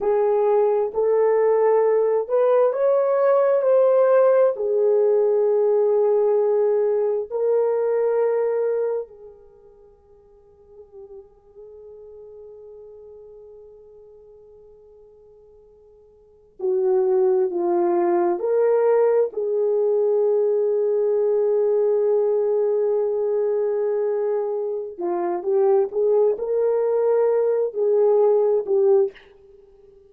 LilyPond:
\new Staff \with { instrumentName = "horn" } { \time 4/4 \tempo 4 = 66 gis'4 a'4. b'8 cis''4 | c''4 gis'2. | ais'2 gis'2~ | gis'1~ |
gis'2~ gis'16 fis'4 f'8.~ | f'16 ais'4 gis'2~ gis'8.~ | gis'2.~ gis'8 f'8 | g'8 gis'8 ais'4. gis'4 g'8 | }